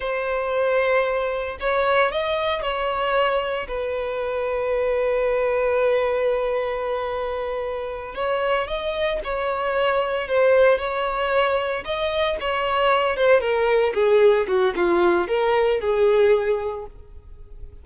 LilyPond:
\new Staff \with { instrumentName = "violin" } { \time 4/4 \tempo 4 = 114 c''2. cis''4 | dis''4 cis''2 b'4~ | b'1~ | b'2.~ b'8 cis''8~ |
cis''8 dis''4 cis''2 c''8~ | c''8 cis''2 dis''4 cis''8~ | cis''4 c''8 ais'4 gis'4 fis'8 | f'4 ais'4 gis'2 | }